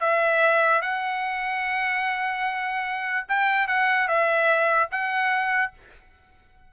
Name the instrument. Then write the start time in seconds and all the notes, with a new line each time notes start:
trumpet
0.00 E5
0.82 F#5
3.28 G5
3.68 F#5
4.08 E5
4.91 F#5